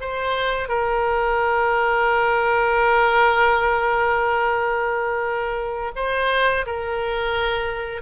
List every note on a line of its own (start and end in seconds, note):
0.00 0.68 C5
0.68 5.91 A#4
5.96 6.65 C5
6.66 8.01 A#4